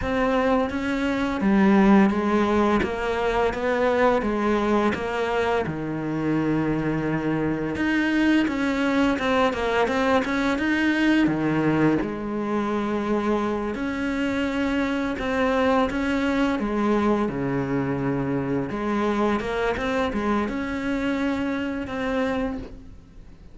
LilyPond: \new Staff \with { instrumentName = "cello" } { \time 4/4 \tempo 4 = 85 c'4 cis'4 g4 gis4 | ais4 b4 gis4 ais4 | dis2. dis'4 | cis'4 c'8 ais8 c'8 cis'8 dis'4 |
dis4 gis2~ gis8 cis'8~ | cis'4. c'4 cis'4 gis8~ | gis8 cis2 gis4 ais8 | c'8 gis8 cis'2 c'4 | }